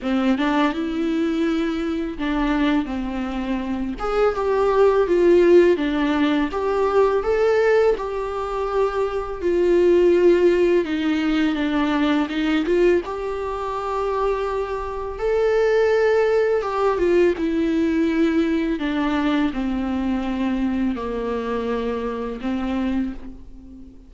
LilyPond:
\new Staff \with { instrumentName = "viola" } { \time 4/4 \tempo 4 = 83 c'8 d'8 e'2 d'4 | c'4. gis'8 g'4 f'4 | d'4 g'4 a'4 g'4~ | g'4 f'2 dis'4 |
d'4 dis'8 f'8 g'2~ | g'4 a'2 g'8 f'8 | e'2 d'4 c'4~ | c'4 ais2 c'4 | }